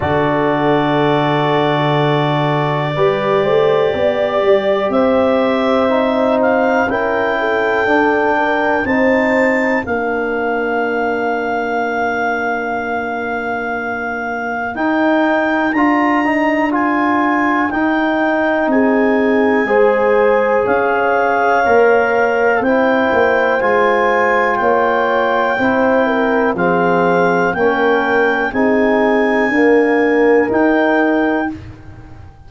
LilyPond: <<
  \new Staff \with { instrumentName = "clarinet" } { \time 4/4 \tempo 4 = 61 d''1~ | d''4 e''4. f''8 g''4~ | g''4 a''4 f''2~ | f''2. g''4 |
ais''4 gis''4 g''4 gis''4~ | gis''4 f''2 g''4 | gis''4 g''2 f''4 | g''4 gis''2 g''4 | }
  \new Staff \with { instrumentName = "horn" } { \time 4/4 a'2. b'8 c''8 | d''4 c''2 ais'8 a'8~ | a'8 ais'8 c''4 ais'2~ | ais'1~ |
ais'2. gis'4 | c''4 cis''2 c''4~ | c''4 cis''4 c''8 ais'8 gis'4 | ais'4 gis'4 ais'2 | }
  \new Staff \with { instrumentName = "trombone" } { \time 4/4 fis'2. g'4~ | g'2 dis'4 e'4 | d'4 dis'4 d'2~ | d'2. dis'4 |
f'8 dis'8 f'4 dis'2 | gis'2 ais'4 e'4 | f'2 e'4 c'4 | cis'4 dis'4 ais4 dis'4 | }
  \new Staff \with { instrumentName = "tuba" } { \time 4/4 d2. g8 a8 | b8 g8 c'2 cis'4 | d'4 c'4 ais2~ | ais2. dis'4 |
d'2 dis'4 c'4 | gis4 cis'4 ais4 c'8 ais8 | gis4 ais4 c'4 f4 | ais4 c'4 d'4 dis'4 | }
>>